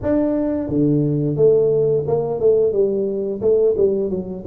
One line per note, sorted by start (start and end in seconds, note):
0.02 0.68 D4
0.68 1.36 D3
1.36 2.04 A3
2.07 2.40 A#3
2.40 2.72 A3
2.72 3.40 G3
3.41 3.75 A3
3.77 4.09 G3
4.09 4.43 F#3